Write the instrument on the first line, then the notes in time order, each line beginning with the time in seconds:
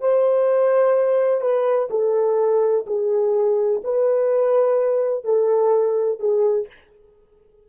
horn
0.00 C5
1.40 B4
1.90 A4
2.86 G#4
3.84 B4
5.24 A4
6.19 G#4